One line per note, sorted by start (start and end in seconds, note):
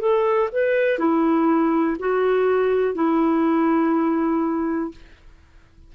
0.00 0.49 A4
0.52 0.99 B4
0.99 1.97 E4
1.99 2.95 F#4
2.95 4.91 E4